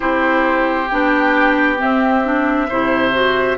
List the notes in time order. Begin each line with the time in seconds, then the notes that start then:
0.00 C4 E4 G4 C5
0.88 B3 D4 G5
1.77 C4 E5
2.24 D4
2.68 C3 E4 C5
3.12 F#4